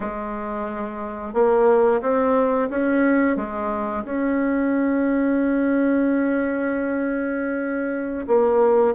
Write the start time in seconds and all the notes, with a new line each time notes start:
0.00 G#3
1.33 A#3
2.01 C4
2.70 C#4
3.36 G#3
4.04 C#4
8.27 A#3